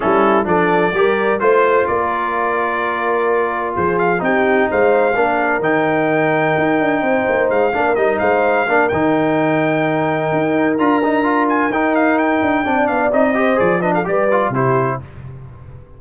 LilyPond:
<<
  \new Staff \with { instrumentName = "trumpet" } { \time 4/4 \tempo 4 = 128 a'4 d''2 c''4 | d''1 | c''8 f''8 g''4 f''2 | g''1 |
f''4 dis''8 f''4. g''4~ | g''2. ais''4~ | ais''8 gis''8 g''8 f''8 g''4. f''8 | dis''4 d''8 dis''16 f''16 d''4 c''4 | }
  \new Staff \with { instrumentName = "horn" } { \time 4/4 e'4 a'4 ais'4 c''4 | ais'1 | gis'4 g'4 c''4 ais'4~ | ais'2. c''4~ |
c''8 ais'4 c''4 ais'4.~ | ais'1~ | ais'2. d''4~ | d''8 c''4 b'16 a'16 b'4 g'4 | }
  \new Staff \with { instrumentName = "trombone" } { \time 4/4 cis'4 d'4 g'4 f'4~ | f'1~ | f'4 dis'2 d'4 | dis'1~ |
dis'8 d'8 dis'4. d'8 dis'4~ | dis'2. f'8 dis'8 | f'4 dis'2 d'4 | dis'8 g'8 gis'8 d'8 g'8 f'8 e'4 | }
  \new Staff \with { instrumentName = "tuba" } { \time 4/4 g4 f4 g4 a4 | ais1 | f4 c'4 gis4 ais4 | dis2 dis'8 d'8 c'8 ais8 |
gis8 ais8 g8 gis4 ais8 dis4~ | dis2 dis'4 d'4~ | d'4 dis'4. d'8 c'8 b8 | c'4 f4 g4 c4 | }
>>